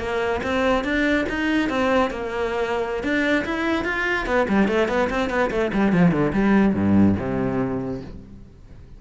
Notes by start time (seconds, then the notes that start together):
0.00 A#3
0.43 C4
0.85 D4
1.30 D#4
1.70 C4
2.11 A#3
3.04 D4
3.46 E4
3.85 F4
4.27 B3
4.49 G3
4.68 A3
4.89 B3
5.10 C4
5.30 B3
5.51 A3
5.74 G3
5.93 F3
6.12 D3
6.33 G3
6.75 G2
7.19 C3